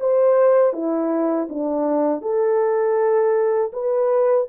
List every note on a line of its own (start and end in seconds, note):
0.00 0.73 C5
0.73 1.48 E4
1.49 2.22 D4
2.22 3.72 A4
3.73 4.48 B4